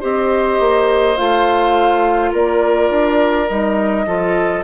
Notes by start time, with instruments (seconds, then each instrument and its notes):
0.00 bassoon C4, clarinet G4, oboe C5, flute D#5
0.59 bassoon A#3
1.17 bassoon A3, clarinet F4, flute F5
2.32 bassoon A#3, oboe A#4, flute D5
2.90 bassoon D4
3.48 bassoon G3, clarinet D#4, flute D#5
4.06 bassoon F3, clarinet F4, oboe A4